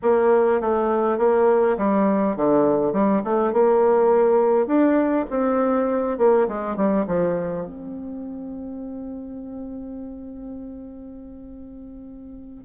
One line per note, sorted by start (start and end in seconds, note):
0.02 0.60 A#3
0.60 1.18 A3
1.18 1.76 A#3
1.77 2.36 G3
2.36 2.93 D3
2.93 3.22 G3
3.24 3.52 A3
3.52 4.66 A#3
4.66 5.25 D4
5.29 6.18 C4
6.18 6.47 A#3
6.47 6.76 G#3
6.76 7.05 G3
7.07 7.66 F3
7.66 12.64 C4